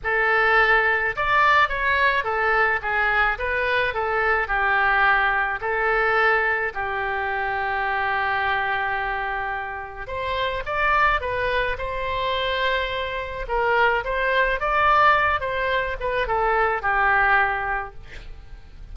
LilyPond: \new Staff \with { instrumentName = "oboe" } { \time 4/4 \tempo 4 = 107 a'2 d''4 cis''4 | a'4 gis'4 b'4 a'4 | g'2 a'2 | g'1~ |
g'2 c''4 d''4 | b'4 c''2. | ais'4 c''4 d''4. c''8~ | c''8 b'8 a'4 g'2 | }